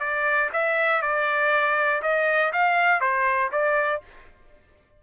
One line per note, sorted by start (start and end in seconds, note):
0.00 0.50 D5
0.53 1.02 E5
1.02 2.02 D5
2.02 2.52 D#5
2.52 3.01 F5
3.01 3.51 C5
3.52 4.02 D5